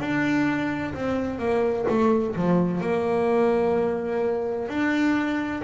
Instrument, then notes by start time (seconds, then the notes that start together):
double bass
0.00 D4
0.95 C4
1.39 A#3
1.89 A3
2.36 F3
2.81 A#3
4.69 D4